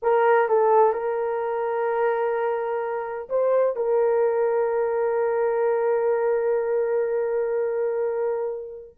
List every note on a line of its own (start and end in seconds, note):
0.02 0.48 A#4
0.48 0.92 A4
0.92 3.28 A#4
3.29 3.76 C5
3.76 8.95 A#4